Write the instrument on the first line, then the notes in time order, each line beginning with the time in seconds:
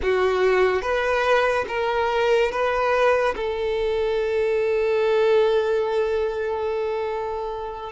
violin
0.02 F#4
0.81 B4
1.68 A#4
2.51 B4
3.36 A4